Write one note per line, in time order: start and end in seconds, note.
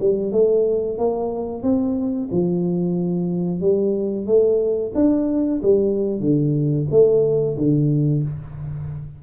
0.00 0.32 G3
0.32 0.98 A3
0.98 1.63 A#3
1.63 2.29 C4
2.31 3.61 F3
3.61 4.26 G3
4.26 4.92 A3
4.95 5.61 D4
5.62 6.21 G3
6.21 6.87 D3
6.91 7.57 A3
7.57 8.23 D3